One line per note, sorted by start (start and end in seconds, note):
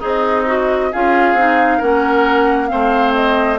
0.00 0.93 C4
0.00 0.90 D#4
0.00 0.45 G#4
0.00 0.94 D#5
0.47 0.92 F#4
0.93 1.34 C#4
0.93 1.38 F4
0.93 1.78 G#4
0.93 1.82 F5
1.34 1.79 C4
1.34 1.82 D#4
1.78 2.72 A#3
1.78 2.68 C#4
1.78 2.68 A#4
1.78 2.68 F#5
2.68 3.60 A3
2.68 3.58 C4
2.68 3.60 C5
2.68 3.13 F5
3.14 3.59 D#5